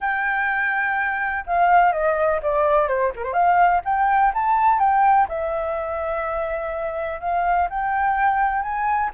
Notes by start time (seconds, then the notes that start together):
0.00 G5
1.46 F5
1.92 D#5
2.42 D5
2.88 C5
3.15 A#4
3.23 C5
3.33 F5
3.84 G5
4.34 A5
4.79 G5
5.28 E5
7.20 F5
7.69 G5
8.62 G#5